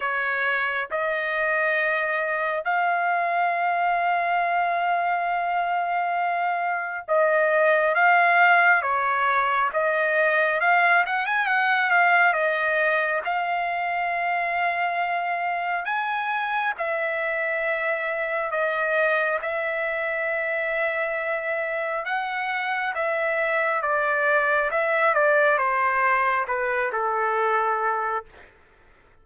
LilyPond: \new Staff \with { instrumentName = "trumpet" } { \time 4/4 \tempo 4 = 68 cis''4 dis''2 f''4~ | f''1 | dis''4 f''4 cis''4 dis''4 | f''8 fis''16 gis''16 fis''8 f''8 dis''4 f''4~ |
f''2 gis''4 e''4~ | e''4 dis''4 e''2~ | e''4 fis''4 e''4 d''4 | e''8 d''8 c''4 b'8 a'4. | }